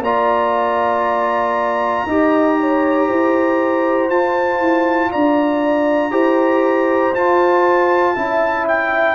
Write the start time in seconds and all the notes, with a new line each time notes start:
0.00 A#3 F4 D5 A#5
2.07 D#4 G4 D#5
2.60 C#5
3.08 E4 C5
4.10 F4 A5
4.60 E4
5.12 D4 D5 A#5
6.11 E4 G4 C5
7.14 F4 A5
8.16 C#4 E4 E5
8.68 G5